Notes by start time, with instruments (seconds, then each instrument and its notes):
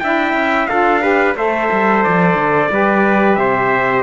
0.00 cello D4, saxophone E4, trumpet E5 G5
0.34 cello C#4
0.67 cello D4, saxophone F4, trumpet A4 F5
1.01 saxophone G4, trumpet B4
1.35 cello A3, saxophone A4, trumpet C5 E5
1.72 cello G3
2.04 cello F3, trumpet D5
2.34 cello D3
2.71 cello G3, saxophone G4, trumpet B4
3.35 cello C3, trumpet C5 E5